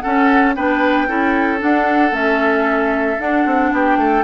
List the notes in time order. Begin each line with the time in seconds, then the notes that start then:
0.00 C#4 A4 F#5
0.55 B3 D4 B4 G5
1.07 C#4 E4 A4
1.58 D4 F#5
2.11 A3 C#4 E5
3.19 D4 F#5
3.45 C4
3.72 B3 G4 G5
3.97 A3 A4